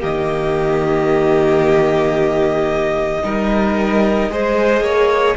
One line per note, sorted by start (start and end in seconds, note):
0.00 3.23 D#3
0.00 3.21 A#3
0.00 3.22 G4
0.00 5.36 D#5
3.23 4.29 G3
3.23 4.30 D#4
3.23 4.31 A#4
4.29 4.81 G#3
4.29 5.36 G#4
4.29 4.83 C5
4.81 5.34 A#3
4.81 5.36 C#5